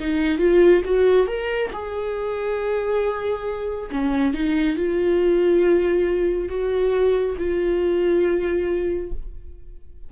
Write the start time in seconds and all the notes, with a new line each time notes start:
0.00 D#4
0.39 F4
0.85 F#4
1.28 A#4
1.73 G#4
3.91 C#4
4.34 D#4
4.77 F4
6.49 F#4
7.39 F4